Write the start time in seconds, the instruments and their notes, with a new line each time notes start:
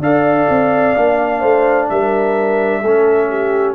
0.00 tuba D4, trombone A4, horn D5, trumpet F5
0.50 tuba C4
0.96 tuba A#3, trombone D4
1.39 tuba A3, horn C5
1.89 tuba G3, horn A#4, trumpet E5
2.82 tuba A3, trombone C#4, horn A4
3.30 horn G4